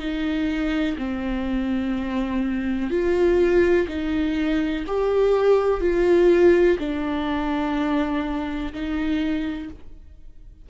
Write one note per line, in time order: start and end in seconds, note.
0.00 0.97 D#4
0.98 2.91 C4
2.91 3.88 F4
3.88 4.85 D#4
4.87 5.81 G4
5.81 6.78 F4
6.80 8.73 D4
8.73 9.70 D#4